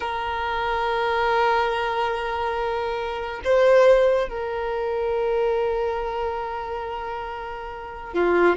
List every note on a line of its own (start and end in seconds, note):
0.00 3.41 A#4
3.44 4.29 C5
4.29 8.13 A#4
8.13 8.56 F4